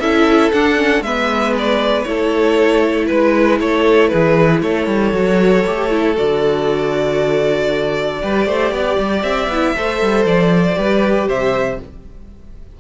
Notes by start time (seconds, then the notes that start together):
0.00 C#4 E4 A4 E5
0.52 D4 F#5
0.77 C#4
1.01 G#3 B3 B4 E5
1.58 D5
2.03 A3 E4 A4 C#5
3.07 G#3 B4
3.60 A3 A4 C#5
4.08 E3 G#4 B4
4.62 A3 A4 C#5
4.87 G3
5.12 F#3 F#4
5.67 A3 G4
5.90 E4
6.15 D3 F#4 D5
8.21 G3 G4 B4
8.46 A3 C5
8.71 B3 D5
8.98 G3
9.22 C4 E5
9.48 B3 E4
9.76 A3 A4 C5
10.01 G3
10.25 F3 D5
10.75 G3 G4 B4
11.28 C3 C5 E5